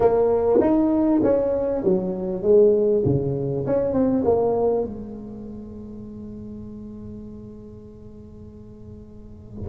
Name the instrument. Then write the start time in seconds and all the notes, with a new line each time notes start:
tuba
0.00 A#3
0.60 D#4
1.23 C#4
1.84 F#3
2.42 G#3
3.05 C#3
3.66 C#4
3.93 C4
4.25 A#3
4.85 G#3